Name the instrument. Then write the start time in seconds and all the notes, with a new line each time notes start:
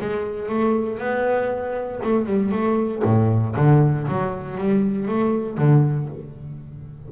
double bass
0.00 G#3
0.48 A3
0.98 B3
2.03 A3
2.26 G3
2.51 A3
3.03 A2
3.56 D3
4.08 F#3
4.57 G3
5.08 A3
5.57 D3